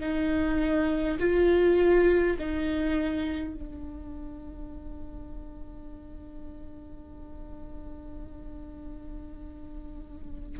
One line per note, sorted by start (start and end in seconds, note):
0.00 1.18 D#4
1.19 2.36 F4
2.38 3.53 D#4
3.53 10.59 D4